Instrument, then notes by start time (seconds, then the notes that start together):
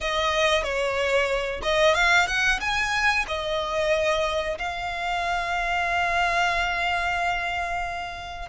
violin
0.01 D#5
0.63 C#5
1.62 D#5
1.94 F5
2.27 F#5
2.60 G#5
3.27 D#5
4.58 F5